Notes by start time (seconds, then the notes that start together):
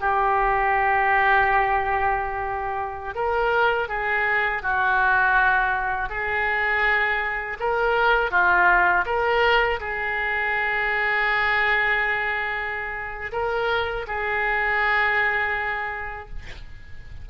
0.00 G4
3.14 A#4
3.88 G#4
4.62 F#4
6.09 G#4
7.60 A#4
8.31 F4
9.05 A#4
9.80 G#4
13.32 A#4
14.07 G#4